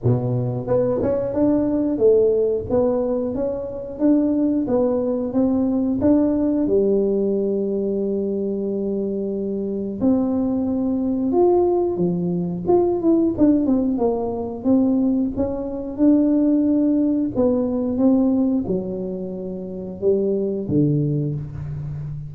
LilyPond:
\new Staff \with { instrumentName = "tuba" } { \time 4/4 \tempo 4 = 90 b,4 b8 cis'8 d'4 a4 | b4 cis'4 d'4 b4 | c'4 d'4 g2~ | g2. c'4~ |
c'4 f'4 f4 f'8 e'8 | d'8 c'8 ais4 c'4 cis'4 | d'2 b4 c'4 | fis2 g4 d4 | }